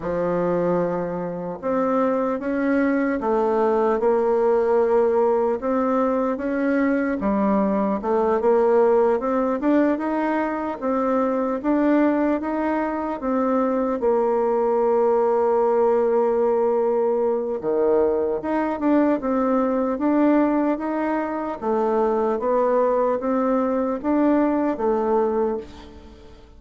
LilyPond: \new Staff \with { instrumentName = "bassoon" } { \time 4/4 \tempo 4 = 75 f2 c'4 cis'4 | a4 ais2 c'4 | cis'4 g4 a8 ais4 c'8 | d'8 dis'4 c'4 d'4 dis'8~ |
dis'8 c'4 ais2~ ais8~ | ais2 dis4 dis'8 d'8 | c'4 d'4 dis'4 a4 | b4 c'4 d'4 a4 | }